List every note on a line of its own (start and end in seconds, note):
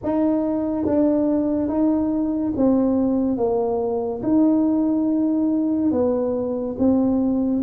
0.03 0.85 D#4
0.85 1.68 D4
1.68 2.52 D#4
2.56 3.36 C4
3.36 4.21 A#3
4.23 5.91 D#4
5.91 6.76 B3
6.78 7.62 C4